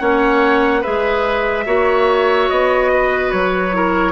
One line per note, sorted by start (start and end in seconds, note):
0.00 0.85 A#3
0.00 0.83 C#4
0.00 0.81 C#5
0.00 0.83 F#5
0.81 1.66 G#3
0.81 1.66 G#4
0.81 1.65 B4
0.81 2.50 E5
1.66 2.50 A#3
1.66 3.72 F#4
1.66 2.92 C#5
2.50 3.33 B3
2.50 3.32 D#5
2.94 3.76 B4
3.32 4.13 F#3
3.32 4.13 C#5
3.72 4.13 E4
3.72 4.13 A#4